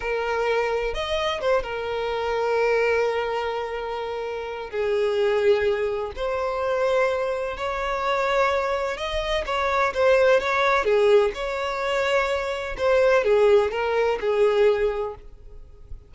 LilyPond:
\new Staff \with { instrumentName = "violin" } { \time 4/4 \tempo 4 = 127 ais'2 dis''4 c''8 ais'8~ | ais'1~ | ais'2 gis'2~ | gis'4 c''2. |
cis''2. dis''4 | cis''4 c''4 cis''4 gis'4 | cis''2. c''4 | gis'4 ais'4 gis'2 | }